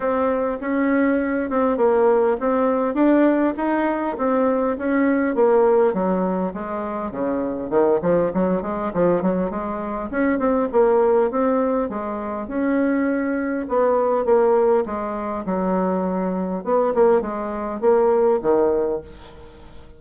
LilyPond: \new Staff \with { instrumentName = "bassoon" } { \time 4/4 \tempo 4 = 101 c'4 cis'4. c'8 ais4 | c'4 d'4 dis'4 c'4 | cis'4 ais4 fis4 gis4 | cis4 dis8 f8 fis8 gis8 f8 fis8 |
gis4 cis'8 c'8 ais4 c'4 | gis4 cis'2 b4 | ais4 gis4 fis2 | b8 ais8 gis4 ais4 dis4 | }